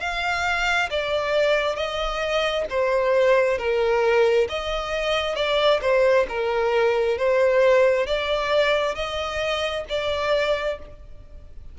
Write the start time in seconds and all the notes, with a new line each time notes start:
0.00 F5
0.90 D5
1.75 D#5
2.69 C5
3.58 A#4
4.49 D#5
5.35 D5
5.81 C5
6.28 A#4
7.18 C5
8.06 D5
8.95 D#5
9.89 D5